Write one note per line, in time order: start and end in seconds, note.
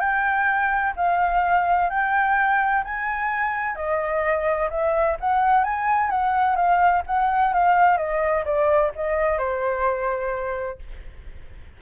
0.00 0.94 G5
0.97 1.90 F5
1.90 2.84 G5
2.84 3.75 G#5
3.75 4.69 D#5
4.70 5.17 E5
5.20 5.64 F#5
5.64 6.10 G#5
6.10 6.56 F#5
6.56 7.03 F5
7.07 7.54 F#5
7.54 7.98 F5
7.98 8.44 D#5
8.45 8.92 D5
8.96 9.39 D#5
9.39 10.79 C5